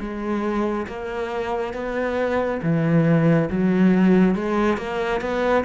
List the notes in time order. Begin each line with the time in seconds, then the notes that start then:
0.00 G#3
0.87 A#3
1.74 B3
2.63 E3
3.50 F#3
4.36 G#3
4.78 A#3
5.21 B3